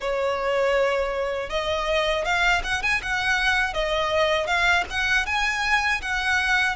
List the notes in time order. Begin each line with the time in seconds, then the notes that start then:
0.00 C#5
1.49 D#5
2.24 F5
2.63 F#5
2.82 G#5
3.02 F#5
3.73 D#5
4.47 F5
4.90 F#5
5.26 G#5
6.01 F#5